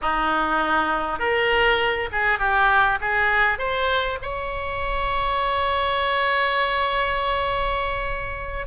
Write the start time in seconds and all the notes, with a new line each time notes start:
0.01 D#4
1.19 A#4
2.12 G#4
2.38 G4
3.01 G#4
3.58 C5
4.21 C#5